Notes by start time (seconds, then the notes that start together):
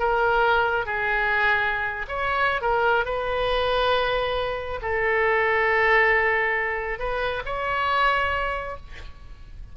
0.00 A#4
0.86 G#4
2.09 C#5
2.62 A#4
3.05 B4
4.82 A4
6.99 B4
7.46 C#5